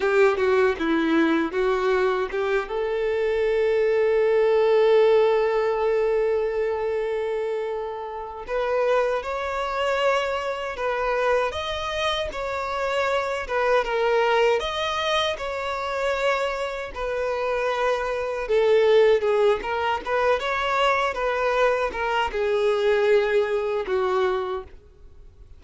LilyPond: \new Staff \with { instrumentName = "violin" } { \time 4/4 \tempo 4 = 78 g'8 fis'8 e'4 fis'4 g'8 a'8~ | a'1~ | a'2. b'4 | cis''2 b'4 dis''4 |
cis''4. b'8 ais'4 dis''4 | cis''2 b'2 | a'4 gis'8 ais'8 b'8 cis''4 b'8~ | b'8 ais'8 gis'2 fis'4 | }